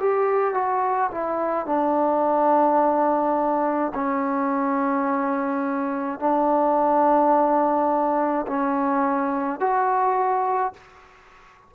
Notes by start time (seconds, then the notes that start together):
0.00 G4
0.54 F#4
1.11 E4
1.66 D4
3.94 C#4
6.20 D4
8.47 C#4
9.60 F#4